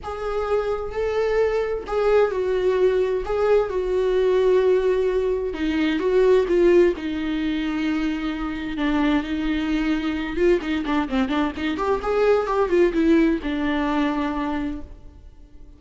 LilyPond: \new Staff \with { instrumentName = "viola" } { \time 4/4 \tempo 4 = 130 gis'2 a'2 | gis'4 fis'2 gis'4 | fis'1 | dis'4 fis'4 f'4 dis'4~ |
dis'2. d'4 | dis'2~ dis'8 f'8 dis'8 d'8 | c'8 d'8 dis'8 g'8 gis'4 g'8 f'8 | e'4 d'2. | }